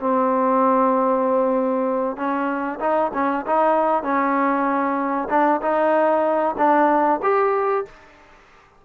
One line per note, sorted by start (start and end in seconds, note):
0.00 2.17 C4
2.17 2.80 C#4
2.80 3.12 D#4
3.14 3.46 C#4
3.47 4.03 D#4
4.03 5.28 C#4
5.30 5.61 D4
5.62 6.56 D#4
6.58 7.21 D4
7.23 7.85 G4